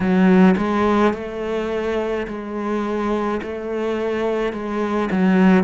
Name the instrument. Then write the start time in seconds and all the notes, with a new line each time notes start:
cello
0.00 F#3
0.57 G#3
1.13 A3
2.27 G#3
3.42 A3
4.52 G#3
5.10 F#3